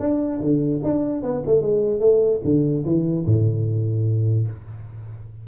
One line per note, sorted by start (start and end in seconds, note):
0.00 0.41 D4
0.41 0.81 D3
0.84 1.23 D4
1.23 1.43 B3
1.46 1.62 A3
1.62 2.00 G#3
2.00 2.41 A3
2.44 2.85 D3
2.85 3.26 E3
3.26 4.47 A2